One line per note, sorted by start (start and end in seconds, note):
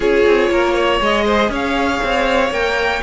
0.00 0.25 C#4
0.00 1.00 F4
0.00 0.49 G#4
0.00 1.01 C#5
0.26 0.50 C4
0.50 1.00 A#3
0.50 0.74 A#4
0.74 1.24 C#5
1.00 1.49 G#3
1.00 2.51 G#4
1.00 1.53 D#5
1.25 1.50 C5
1.49 1.99 C#4
1.49 3.02 C#5
1.49 2.52 F5
2.03 2.50 C4
2.50 3.01 A#3
2.50 3.02 A#4
2.50 3.02 G5